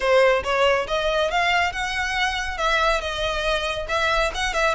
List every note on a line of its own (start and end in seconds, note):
0.00 0.43 C5
0.43 0.86 C#5
0.87 1.30 D#5
1.30 1.72 F5
1.72 2.57 F#5
2.57 3.00 E5
3.00 3.87 D#5
3.88 4.31 E5
4.34 4.53 F#5
4.53 4.74 E5